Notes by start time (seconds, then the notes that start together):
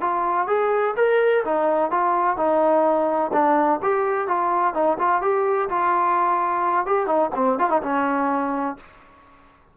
0.00 F4
0.47 G#4
0.96 A#4
1.44 D#4
1.91 F4
2.36 D#4
3.32 D4
3.82 G4
4.27 F4
4.74 D#4
4.98 F4
5.21 G4
5.69 F4
6.86 G4
7.06 D#4
7.35 C4
7.59 F4
7.69 D#4
7.82 C#4